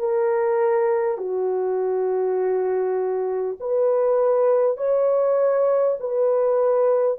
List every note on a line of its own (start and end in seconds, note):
0.00 1.18 A#4
1.18 3.58 F#4
3.61 4.78 B4
4.78 5.98 C#5
6.01 7.19 B4